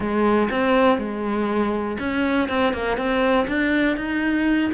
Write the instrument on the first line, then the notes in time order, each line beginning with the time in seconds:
cello
0.00 G#3
0.50 C4
0.98 G#3
1.99 C#4
2.49 C4
2.73 A#3
2.97 C4
3.47 D4
3.96 D#4